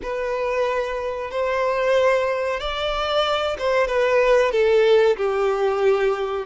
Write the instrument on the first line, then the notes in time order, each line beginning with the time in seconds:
violin
0.02 B4
1.30 C5
2.60 D5
3.58 C5
3.87 B4
4.51 A4
5.16 G4